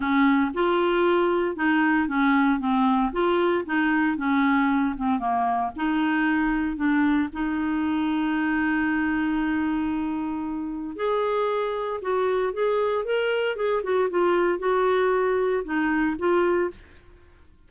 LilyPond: \new Staff \with { instrumentName = "clarinet" } { \time 4/4 \tempo 4 = 115 cis'4 f'2 dis'4 | cis'4 c'4 f'4 dis'4 | cis'4. c'8 ais4 dis'4~ | dis'4 d'4 dis'2~ |
dis'1~ | dis'4 gis'2 fis'4 | gis'4 ais'4 gis'8 fis'8 f'4 | fis'2 dis'4 f'4 | }